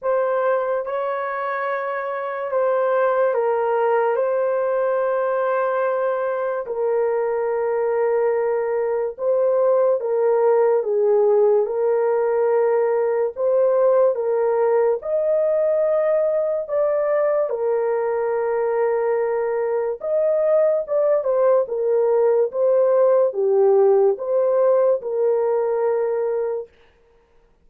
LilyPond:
\new Staff \with { instrumentName = "horn" } { \time 4/4 \tempo 4 = 72 c''4 cis''2 c''4 | ais'4 c''2. | ais'2. c''4 | ais'4 gis'4 ais'2 |
c''4 ais'4 dis''2 | d''4 ais'2. | dis''4 d''8 c''8 ais'4 c''4 | g'4 c''4 ais'2 | }